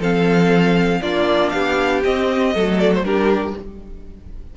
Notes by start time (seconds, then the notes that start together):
0.00 F3 C4 A4 F5
1.02 A#3 D4 F4 D5
1.50 B3 G4 F5
2.04 C4 D#5
2.55 F#3 A3 A4
2.80 D5
2.95 C5
3.04 G3 D4 G4 A#4